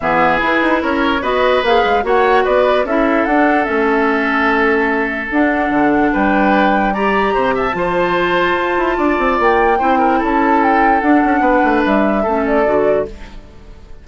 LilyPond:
<<
  \new Staff \with { instrumentName = "flute" } { \time 4/4 \tempo 4 = 147 e''4 b'4 cis''4 dis''4 | f''4 fis''4 d''4 e''4 | fis''4 e''2.~ | e''4 fis''2 g''4~ |
g''4 ais''4. a''4.~ | a''2. g''4~ | g''4 a''4 g''4 fis''4~ | fis''4 e''4. d''4. | }
  \new Staff \with { instrumentName = "oboe" } { \time 4/4 gis'2 ais'4 b'4~ | b'4 cis''4 b'4 a'4~ | a'1~ | a'2. b'4~ |
b'4 d''4 c''8 e''8 c''4~ | c''2 d''2 | c''8 ais'8 a'2. | b'2 a'2 | }
  \new Staff \with { instrumentName = "clarinet" } { \time 4/4 b4 e'2 fis'4 | gis'4 fis'2 e'4 | d'4 cis'2.~ | cis'4 d'2.~ |
d'4 g'2 f'4~ | f'1 | e'2. d'4~ | d'2 cis'4 fis'4 | }
  \new Staff \with { instrumentName = "bassoon" } { \time 4/4 e4 e'8 dis'8 cis'4 b4 | ais8 gis8 ais4 b4 cis'4 | d'4 a2.~ | a4 d'4 d4 g4~ |
g2 c4 f4~ | f4 f'8 e'8 d'8 c'8 ais4 | c'4 cis'2 d'8 cis'8 | b8 a8 g4 a4 d4 | }
>>